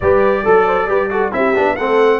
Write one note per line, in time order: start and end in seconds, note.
0.00 0.46 G3
0.00 0.45 G4
0.00 0.43 B4
0.00 1.32 D5
0.43 0.87 F#3
0.43 0.65 A4
0.43 0.87 A4
0.66 0.88 C5
0.87 1.31 G3
0.87 1.10 G4
0.87 1.11 B4
1.10 1.32 F#4
1.10 1.33 A4
1.32 1.55 C4
1.32 1.54 E4
1.32 1.75 G4
1.32 1.75 E5
1.55 1.76 B3
1.55 1.77 D4
1.75 2.20 A3
1.75 2.20 C4
1.75 2.20 A4
1.75 2.20 F#5